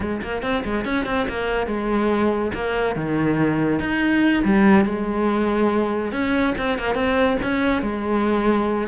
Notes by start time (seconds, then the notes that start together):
0.00 G#3
0.22 A#3
0.42 C4
0.64 G#3
0.85 C#4
1.05 C4
1.28 A#3
1.67 G#3
2.54 A#3
2.95 D#3
3.79 D#4
4.44 G3
4.85 G#3
6.12 C#4
6.58 C4
6.78 A#3
6.94 C4
7.42 C#4
7.82 G#3